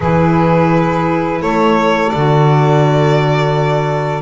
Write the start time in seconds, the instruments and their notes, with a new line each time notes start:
0.00 double bass E3, clarinet E4, saxophone G#4, violin B4
1.41 double bass A3, saxophone A4, violin C#5
2.09 double bass D3, violin D5
2.15 clarinet F#4